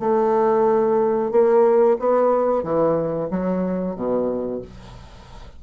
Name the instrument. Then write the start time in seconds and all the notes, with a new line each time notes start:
bassoon
0.00 A3
1.31 A#3
2.00 B3
2.63 E3
3.31 F#3
3.96 B2